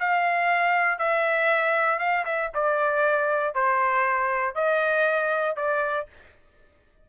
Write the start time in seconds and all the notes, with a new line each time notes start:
0.00 F5
0.99 E5
2.00 F5
2.26 E5
2.55 D5
3.55 C5
4.55 D#5
5.57 D5